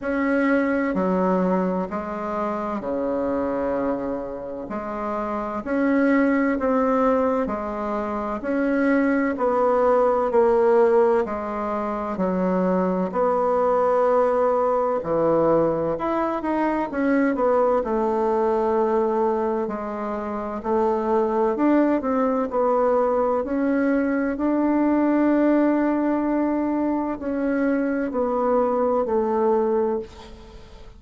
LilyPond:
\new Staff \with { instrumentName = "bassoon" } { \time 4/4 \tempo 4 = 64 cis'4 fis4 gis4 cis4~ | cis4 gis4 cis'4 c'4 | gis4 cis'4 b4 ais4 | gis4 fis4 b2 |
e4 e'8 dis'8 cis'8 b8 a4~ | a4 gis4 a4 d'8 c'8 | b4 cis'4 d'2~ | d'4 cis'4 b4 a4 | }